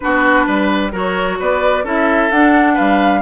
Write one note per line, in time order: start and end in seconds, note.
0.00 0.47 B3
0.00 0.91 D4
0.00 0.46 F#4
0.00 0.90 B4
0.46 0.93 G3
0.46 0.91 B4
0.91 1.39 F#3
0.91 1.84 F#4
0.91 1.38 A#4
0.91 1.39 C#5
1.39 1.83 B3
1.39 1.84 B4
1.39 1.86 D5
1.83 2.30 C#4
1.83 2.31 E4
1.83 2.74 A4
1.83 2.31 E5
2.31 2.77 D4
2.31 3.22 D4
2.31 2.77 F#5
2.74 3.22 G3
2.74 3.20 B4
2.74 3.22 F5